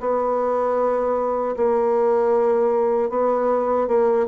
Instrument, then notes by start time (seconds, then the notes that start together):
bassoon
0.00 B3
1.57 A#3
3.10 B3
3.88 A#3